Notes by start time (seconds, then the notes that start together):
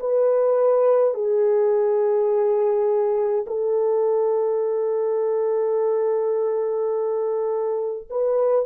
0.00 B4
1.14 G#4
3.47 A4
8.10 B4